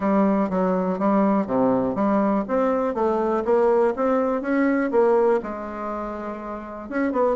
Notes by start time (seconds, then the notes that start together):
0.00 G3
0.49 F#3
0.98 G3
1.46 C3
1.95 G3
2.48 C4
2.94 A3
3.44 A#3
3.96 C4
4.41 C#4
4.91 A#3
5.43 G#3
6.89 C#4
7.12 B3